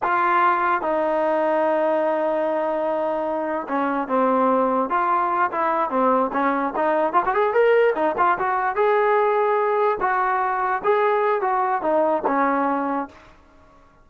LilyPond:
\new Staff \with { instrumentName = "trombone" } { \time 4/4 \tempo 4 = 147 f'2 dis'2~ | dis'1~ | dis'4 cis'4 c'2 | f'4. e'4 c'4 cis'8~ |
cis'8 dis'4 f'16 fis'16 gis'8 ais'4 dis'8 | f'8 fis'4 gis'2~ gis'8~ | gis'8 fis'2 gis'4. | fis'4 dis'4 cis'2 | }